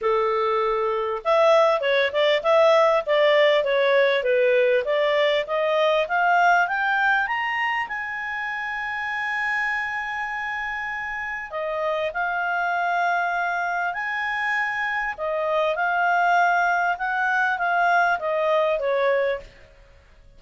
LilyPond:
\new Staff \with { instrumentName = "clarinet" } { \time 4/4 \tempo 4 = 99 a'2 e''4 cis''8 d''8 | e''4 d''4 cis''4 b'4 | d''4 dis''4 f''4 g''4 | ais''4 gis''2.~ |
gis''2. dis''4 | f''2. gis''4~ | gis''4 dis''4 f''2 | fis''4 f''4 dis''4 cis''4 | }